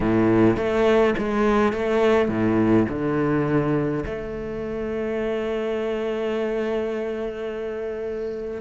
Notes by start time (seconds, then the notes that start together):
0.00 A2
0.56 A3
1.17 G#3
1.73 A3
2.28 A2
2.88 D3
4.05 A3